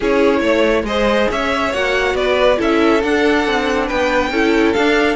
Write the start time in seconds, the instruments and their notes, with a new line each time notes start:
0.00 cello C#4, viola E4, violin G#4 C#5
0.39 cello A3, violin C#5
0.83 cello G#3, viola G#4, violin C5 D#5
1.30 cello C#4, violin C#5 E5
1.73 cello A#3, viola F#4, violin F#5
2.14 cello B3, violin B4 D5
2.56 cello C#4, viola E4, violin A4 E5
3.03 cello D4, viola D4, violin F#5
3.46 cello C4
3.86 cello B3, violin B4 G5
4.30 cello C#4, viola E4, violin A4
4.72 viola D4, cello D4, violin F5